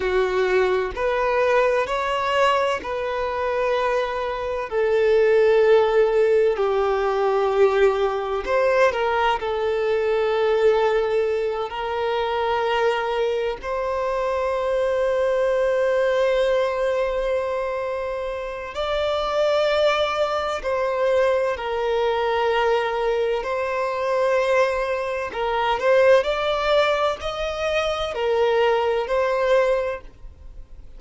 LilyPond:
\new Staff \with { instrumentName = "violin" } { \time 4/4 \tempo 4 = 64 fis'4 b'4 cis''4 b'4~ | b'4 a'2 g'4~ | g'4 c''8 ais'8 a'2~ | a'8 ais'2 c''4.~ |
c''1 | d''2 c''4 ais'4~ | ais'4 c''2 ais'8 c''8 | d''4 dis''4 ais'4 c''4 | }